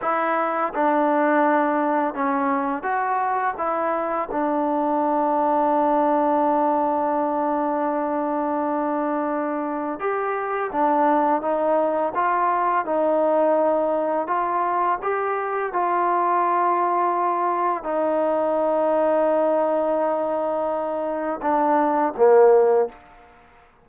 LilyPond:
\new Staff \with { instrumentName = "trombone" } { \time 4/4 \tempo 4 = 84 e'4 d'2 cis'4 | fis'4 e'4 d'2~ | d'1~ | d'2 g'4 d'4 |
dis'4 f'4 dis'2 | f'4 g'4 f'2~ | f'4 dis'2.~ | dis'2 d'4 ais4 | }